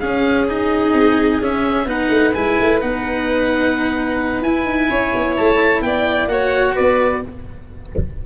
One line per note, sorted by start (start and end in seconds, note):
0.00 0.49 C#4
0.00 0.93 C#4
0.00 1.87 G#4
0.00 0.47 F5
0.49 1.42 D#4
0.49 1.42 D#5
0.93 1.40 C4
1.42 1.86 C#4
1.42 1.87 C#4
1.42 1.89 E5
1.86 2.09 B3
1.86 2.34 D#4
1.86 4.90 B4
1.86 2.34 F#5
2.10 2.33 A3
2.34 2.59 G#3
2.34 2.81 E4
2.34 2.81 G#5
2.59 2.82 A3
2.81 4.42 B3
2.81 4.44 D#4
2.81 4.43 F#5
4.42 4.65 E4
4.42 6.29 E4
4.42 5.36 G#5
4.65 4.88 D#4
4.90 5.14 C#4
4.90 5.83 C#5
5.15 5.38 B3
5.37 5.81 A3
5.37 5.82 A5
5.81 6.27 B3
5.81 6.32 D5
5.81 6.29 G5
6.27 6.74 A#3
6.27 7.22 F#4
6.27 6.75 C#5
6.27 6.75 F#5
6.75 7.26 B3
6.75 7.22 B4
6.75 7.23 D5